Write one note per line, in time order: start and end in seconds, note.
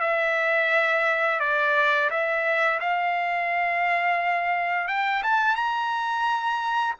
0.00 1.40 E5
1.40 2.10 D5
2.10 2.80 E5
2.80 4.87 F5
4.87 5.22 G5
5.23 5.55 A5
5.55 6.95 A#5